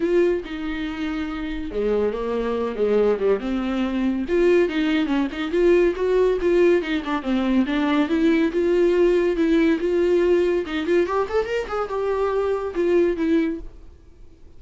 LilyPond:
\new Staff \with { instrumentName = "viola" } { \time 4/4 \tempo 4 = 141 f'4 dis'2. | gis4 ais4. gis4 g8 | c'2 f'4 dis'4 | cis'8 dis'8 f'4 fis'4 f'4 |
dis'8 d'8 c'4 d'4 e'4 | f'2 e'4 f'4~ | f'4 dis'8 f'8 g'8 a'8 ais'8 gis'8 | g'2 f'4 e'4 | }